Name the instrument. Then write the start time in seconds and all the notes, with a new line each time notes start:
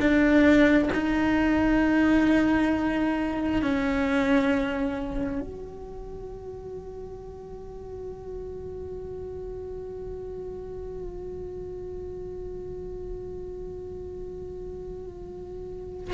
cello
0.00 D4
0.94 D#4
3.62 C#4
5.41 F#4